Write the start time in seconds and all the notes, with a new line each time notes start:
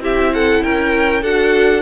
0.00 C4 E4 G4 E5
0.35 A4 F#5
0.64 C#4 A#4 G5
1.23 D4 F#4 A4 F#5